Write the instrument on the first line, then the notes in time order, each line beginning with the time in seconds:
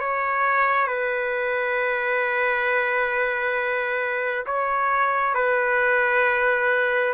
trumpet
0.00 C#5
0.88 B4
4.47 C#5
5.35 B4